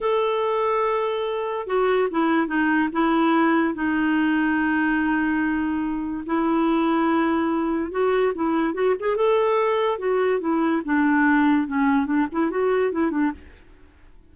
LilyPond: \new Staff \with { instrumentName = "clarinet" } { \time 4/4 \tempo 4 = 144 a'1 | fis'4 e'4 dis'4 e'4~ | e'4 dis'2.~ | dis'2. e'4~ |
e'2. fis'4 | e'4 fis'8 gis'8 a'2 | fis'4 e'4 d'2 | cis'4 d'8 e'8 fis'4 e'8 d'8 | }